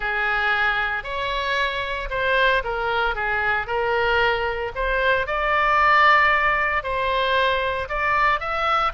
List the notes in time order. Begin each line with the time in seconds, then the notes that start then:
0.00 G#4
1.03 C#5
2.10 C5
2.64 A#4
3.15 G#4
3.66 A#4
4.75 C5
5.26 D5
6.83 C5
7.89 D5
8.39 E5